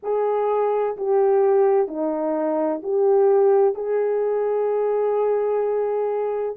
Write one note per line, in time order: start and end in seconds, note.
0.03 0.96 G#4
0.96 1.87 G4
1.87 2.81 D#4
2.83 3.74 G4
3.74 6.55 G#4